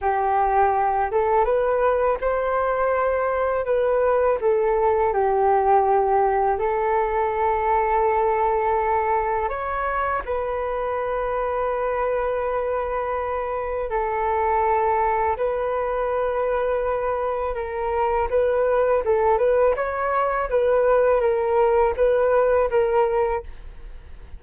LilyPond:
\new Staff \with { instrumentName = "flute" } { \time 4/4 \tempo 4 = 82 g'4. a'8 b'4 c''4~ | c''4 b'4 a'4 g'4~ | g'4 a'2.~ | a'4 cis''4 b'2~ |
b'2. a'4~ | a'4 b'2. | ais'4 b'4 a'8 b'8 cis''4 | b'4 ais'4 b'4 ais'4 | }